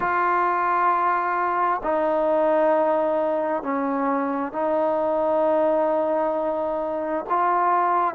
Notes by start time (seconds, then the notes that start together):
0.00 F4
1.83 D#4
3.62 C#4
4.52 D#4
7.29 F4